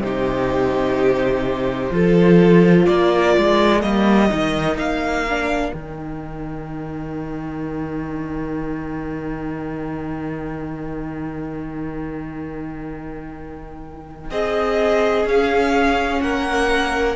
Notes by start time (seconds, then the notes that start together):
0.00 C3 D#4 G4 C5
1.91 F3 F4 A4
2.86 A#3 A#4 D5
3.37 G#3
3.81 G3 A#3 D#5
4.29 D#3 D#4
4.77 A#3 F5
5.30 D4
5.73 D#3 D#4 G5
14.31 C4 G#4 D#5
15.25 C#4 F5
16.21 A#3 A#4 F#5